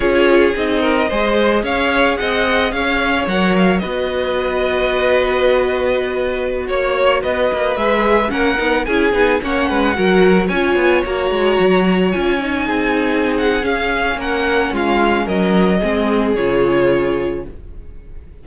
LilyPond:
<<
  \new Staff \with { instrumentName = "violin" } { \time 4/4 \tempo 4 = 110 cis''4 dis''2 f''4 | fis''4 f''4 fis''8 f''8 dis''4~ | dis''1~ | dis''16 cis''4 dis''4 e''4 fis''8.~ |
fis''16 gis''4 fis''2 gis''8.~ | gis''16 ais''2 gis''4.~ gis''16~ | gis''8 fis''8 f''4 fis''4 f''4 | dis''2 cis''2 | }
  \new Staff \with { instrumentName = "violin" } { \time 4/4 gis'4. ais'8 c''4 cis''4 | dis''4 cis''2 b'4~ | b'1~ | b'16 cis''4 b'2 ais'8.~ |
ais'16 gis'4 cis''8 b'8 ais'4 cis''8.~ | cis''2.~ cis''16 gis'8.~ | gis'2 ais'4 f'4 | ais'4 gis'2. | }
  \new Staff \with { instrumentName = "viola" } { \time 4/4 f'4 dis'4 gis'2~ | gis'2 ais'4 fis'4~ | fis'1~ | fis'2~ fis'16 gis'4 cis'8 dis'16~ |
dis'16 e'8 dis'8 cis'4 fis'4 f'8.~ | f'16 fis'2 f'8 dis'4~ dis'16~ | dis'4 cis'2.~ | cis'4 c'4 f'2 | }
  \new Staff \with { instrumentName = "cello" } { \time 4/4 cis'4 c'4 gis4 cis'4 | c'4 cis'4 fis4 b4~ | b1~ | b16 ais4 b8 ais8 gis4 ais8 b16~ |
b16 cis'8 b8 ais8 gis8 fis4 cis'8 b16~ | b16 ais8 gis8 fis4 cis'4 c'8.~ | c'4 cis'4 ais4 gis4 | fis4 gis4 cis2 | }
>>